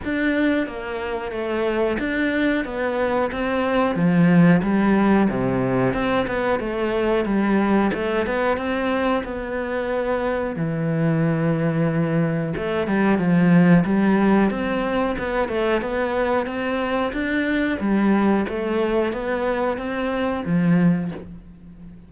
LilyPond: \new Staff \with { instrumentName = "cello" } { \time 4/4 \tempo 4 = 91 d'4 ais4 a4 d'4 | b4 c'4 f4 g4 | c4 c'8 b8 a4 g4 | a8 b8 c'4 b2 |
e2. a8 g8 | f4 g4 c'4 b8 a8 | b4 c'4 d'4 g4 | a4 b4 c'4 f4 | }